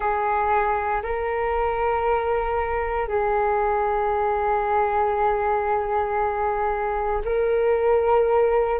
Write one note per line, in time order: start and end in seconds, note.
0.00 1.02 G#4
1.03 3.08 A#4
3.08 7.21 G#4
7.24 8.79 A#4